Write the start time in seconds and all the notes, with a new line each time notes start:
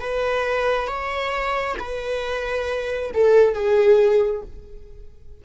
0.00 B4
0.87 C#5
1.79 B4
3.14 A4
3.54 G#4